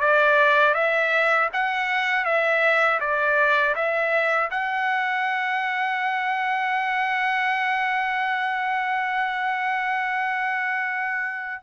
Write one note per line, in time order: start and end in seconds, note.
0.00 0.74 D5
0.74 1.49 E5
1.53 2.25 F#5
2.25 3.00 E5
3.00 3.75 D5
3.75 4.50 E5
4.50 11.62 F#5